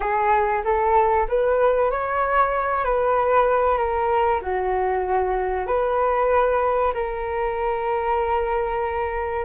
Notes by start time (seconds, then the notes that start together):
0.00 G#4
0.64 A4
1.28 B4
1.90 C#5
2.84 B4
3.77 A#4
4.41 F#4
5.66 B4
6.94 A#4